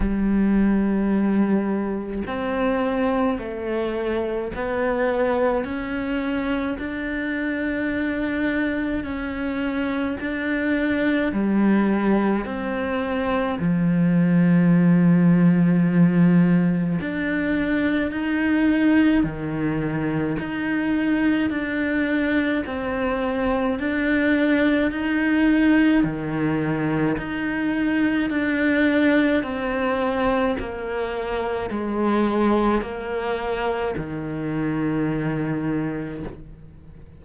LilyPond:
\new Staff \with { instrumentName = "cello" } { \time 4/4 \tempo 4 = 53 g2 c'4 a4 | b4 cis'4 d'2 | cis'4 d'4 g4 c'4 | f2. d'4 |
dis'4 dis4 dis'4 d'4 | c'4 d'4 dis'4 dis4 | dis'4 d'4 c'4 ais4 | gis4 ais4 dis2 | }